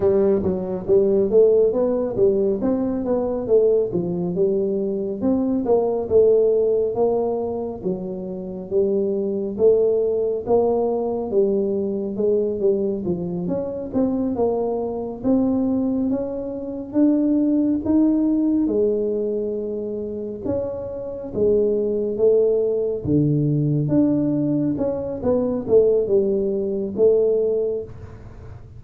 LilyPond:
\new Staff \with { instrumentName = "tuba" } { \time 4/4 \tempo 4 = 69 g8 fis8 g8 a8 b8 g8 c'8 b8 | a8 f8 g4 c'8 ais8 a4 | ais4 fis4 g4 a4 | ais4 g4 gis8 g8 f8 cis'8 |
c'8 ais4 c'4 cis'4 d'8~ | d'8 dis'4 gis2 cis'8~ | cis'8 gis4 a4 d4 d'8~ | d'8 cis'8 b8 a8 g4 a4 | }